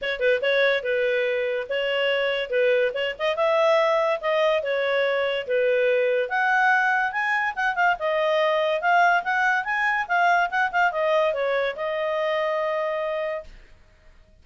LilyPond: \new Staff \with { instrumentName = "clarinet" } { \time 4/4 \tempo 4 = 143 cis''8 b'8 cis''4 b'2 | cis''2 b'4 cis''8 dis''8 | e''2 dis''4 cis''4~ | cis''4 b'2 fis''4~ |
fis''4 gis''4 fis''8 f''8 dis''4~ | dis''4 f''4 fis''4 gis''4 | f''4 fis''8 f''8 dis''4 cis''4 | dis''1 | }